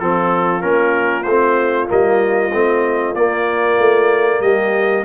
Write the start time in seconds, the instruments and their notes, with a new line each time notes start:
0.00 tuba F3, trombone C4, horn F4, trumpet A4
0.61 tuba A#3, trombone C#4, trumpet A#4
1.23 tuba A3, trumpet C5
1.30 trombone C4
1.87 tuba G3, trombone A#3, trumpet D#5
2.52 tuba A3, trombone C4
3.15 tuba A#3, trombone A#3, trumpet D5
3.78 tuba A3
4.40 tuba G3, horn G4, trumpet D#5